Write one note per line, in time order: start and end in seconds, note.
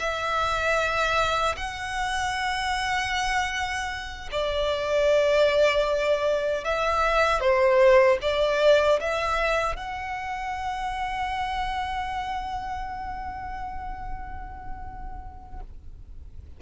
0.00 1.56 E5
1.57 4.30 F#5
4.32 6.65 D5
6.65 7.41 E5
7.41 8.19 C5
8.22 9.00 D5
9.00 9.76 E5
9.76 15.61 F#5